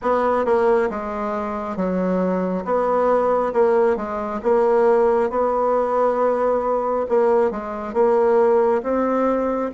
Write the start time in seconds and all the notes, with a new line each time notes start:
0.02 B3
0.45 A#3
0.90 G#3
1.76 F#3
2.64 B3
3.53 A#3
3.96 G#3
4.42 A#3
5.29 B3
7.08 A#3
7.50 G#3
7.93 A#3
8.82 C4